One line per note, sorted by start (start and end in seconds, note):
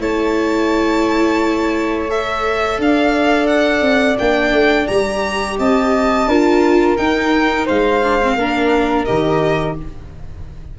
0.00 2.78 A3
0.00 2.08 E4
0.00 2.80 C#5
0.00 2.10 A5
2.08 4.18 A4
2.08 2.80 E5
2.78 3.82 D4
2.78 5.59 D5
2.78 3.47 F5
3.47 4.17 F#5
3.82 4.16 C4
4.19 4.52 A#3
4.19 4.89 D4
4.19 4.87 G5
4.52 4.87 A3
4.87 5.59 G3
4.87 5.57 A#5
4.93 6.30 G4
5.59 6.27 C4
5.59 6.28 D#5
5.59 6.97 A5
6.27 6.96 D4
6.27 6.98 F4
6.27 7.66 A#4
6.97 8.02 D#4
6.97 7.68 D#4
6.97 7.67 G5
7.66 8.35 G#3
7.66 8.36 C5
7.66 9.05 F5
8.04 8.21 D4
8.22 8.39 C4
8.35 9.05 A#3
8.35 9.07 D4
8.35 9.78 A#4
9.05 9.79 D#3
9.05 9.76 G4
9.05 9.75 D#5